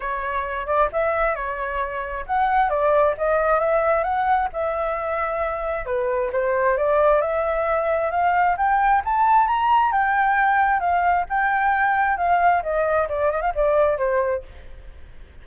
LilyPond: \new Staff \with { instrumentName = "flute" } { \time 4/4 \tempo 4 = 133 cis''4. d''8 e''4 cis''4~ | cis''4 fis''4 d''4 dis''4 | e''4 fis''4 e''2~ | e''4 b'4 c''4 d''4 |
e''2 f''4 g''4 | a''4 ais''4 g''2 | f''4 g''2 f''4 | dis''4 d''8 dis''16 f''16 d''4 c''4 | }